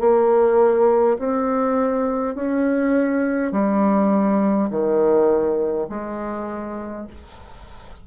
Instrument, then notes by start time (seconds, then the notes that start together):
bassoon
0.00 A#3
1.19 C4
2.35 C#4
3.52 G3
4.71 D#3
5.89 G#3